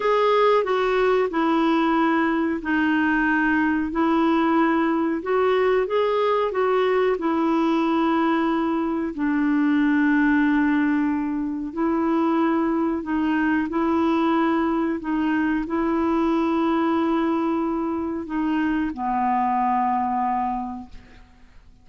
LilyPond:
\new Staff \with { instrumentName = "clarinet" } { \time 4/4 \tempo 4 = 92 gis'4 fis'4 e'2 | dis'2 e'2 | fis'4 gis'4 fis'4 e'4~ | e'2 d'2~ |
d'2 e'2 | dis'4 e'2 dis'4 | e'1 | dis'4 b2. | }